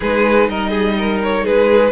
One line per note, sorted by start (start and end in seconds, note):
0.00 0.49 G#3
0.00 1.92 D#4
0.00 0.48 G#4
0.00 0.49 B4
0.49 1.45 G3
0.49 0.69 A#4
0.49 1.21 D#5
0.69 0.94 G#4
0.98 1.43 A#4
1.23 1.46 C#5
1.43 1.92 G#3
1.43 1.92 G#4
1.43 1.92 B4